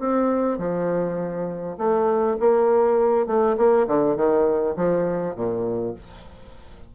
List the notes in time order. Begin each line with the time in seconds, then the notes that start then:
0.00 C4
0.59 F3
1.78 A3
2.40 A#3
3.27 A3
3.58 A#3
3.88 D3
4.17 D#3
4.77 F3
5.36 A#2